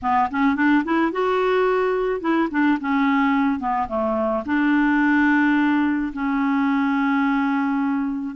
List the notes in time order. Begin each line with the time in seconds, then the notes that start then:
0.02 B3
0.30 C#4
0.55 D4
0.84 E4
1.12 F#4
2.20 E4
2.50 D4
2.80 C#4
3.59 B3
3.88 A3
4.45 D4
6.13 C#4